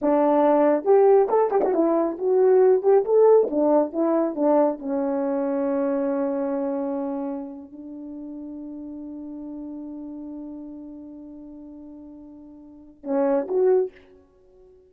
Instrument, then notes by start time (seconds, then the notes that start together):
horn
0.01 D4
0.84 G4
1.29 A4
1.50 G4
1.63 F#4
1.74 E4
2.18 F#4
2.82 G4
3.04 A4
3.50 D4
3.92 E4
4.35 D4
4.78 C#4
7.72 D4
13.03 C#4
13.47 F#4